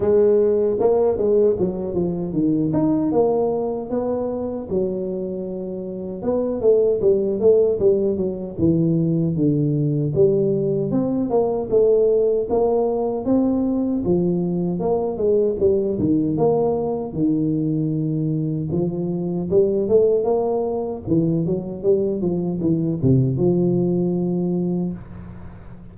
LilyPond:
\new Staff \with { instrumentName = "tuba" } { \time 4/4 \tempo 4 = 77 gis4 ais8 gis8 fis8 f8 dis8 dis'8 | ais4 b4 fis2 | b8 a8 g8 a8 g8 fis8 e4 | d4 g4 c'8 ais8 a4 |
ais4 c'4 f4 ais8 gis8 | g8 dis8 ais4 dis2 | f4 g8 a8 ais4 e8 fis8 | g8 f8 e8 c8 f2 | }